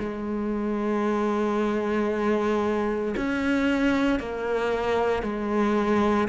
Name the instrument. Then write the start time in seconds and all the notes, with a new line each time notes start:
cello
0.00 G#3
3.17 C#4
4.20 A#3
5.23 G#3